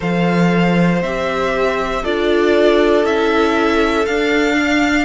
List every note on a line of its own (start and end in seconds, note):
0.00 1.02 F3
0.00 1.00 A4
0.00 2.02 C5
0.00 1.02 F5
1.02 2.03 C4
1.02 2.04 G4
1.02 2.04 E5
2.03 3.04 D4
2.03 3.04 F4
2.03 4.56 A4
2.03 3.05 D5
3.04 4.06 C#4
3.04 4.06 E4
3.04 4.05 E5
4.05 5.05 D4
4.05 5.05 F5
4.56 5.05 F5